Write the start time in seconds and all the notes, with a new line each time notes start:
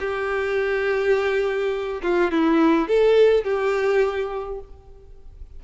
0.00 G4
2.02 F4
2.32 E4
2.88 A4
3.44 G4